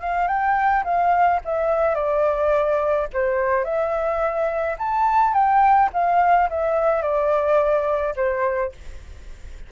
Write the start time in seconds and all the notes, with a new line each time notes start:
0.00 F5
0.27 G5
0.84 F5
1.45 E5
1.95 D5
3.13 C5
3.64 E5
4.78 A5
5.33 G5
5.93 F5
6.49 E5
7.02 D5
8.16 C5